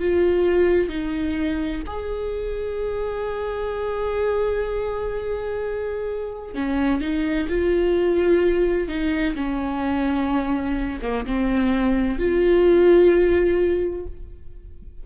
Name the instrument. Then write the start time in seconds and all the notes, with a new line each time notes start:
viola
0.00 F4
0.89 D#4
1.87 G#4
6.55 C#4
7.01 D#4
7.49 F4
8.88 D#4
9.35 C#4
11.02 A#3
11.26 C4
12.19 F4